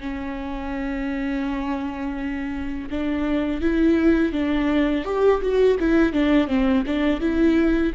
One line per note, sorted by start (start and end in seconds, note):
0.00 2.89 C#4
2.89 3.61 D4
3.61 4.32 E4
4.32 5.05 D4
5.05 5.41 G4
5.41 5.77 F#4
5.79 6.12 E4
6.12 6.47 D4
6.47 6.83 C4
6.86 7.20 D4
7.20 7.92 E4